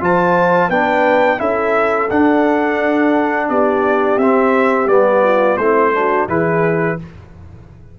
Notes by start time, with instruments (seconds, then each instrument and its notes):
0.00 tuba F3, trombone F4, horn C5, trumpet A5
0.68 tuba B3, trombone D4, horn B4, trumpet G5
1.38 tuba C#4, trombone E4, horn A4, trumpet E5
2.10 tuba D4, trombone D4, trumpet F#5
3.49 tuba B3, horn G4, trumpet D5
4.17 tuba C4, trombone C4, trumpet E5
4.86 tuba G3, trombone B3, trumpet D5
5.23 horn F4
5.57 tuba A3, trombone C4, horn E4, trumpet C5
5.93 trombone D4, horn F#4
6.28 tuba E3, trombone E4, horn G#4, trumpet B4